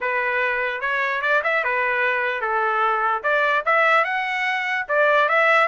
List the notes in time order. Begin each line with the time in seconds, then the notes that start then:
0.00 B4
0.81 C#5
1.21 D5
1.43 E5
1.64 B4
2.41 A4
3.23 D5
3.65 E5
4.04 F#5
4.88 D5
5.29 E5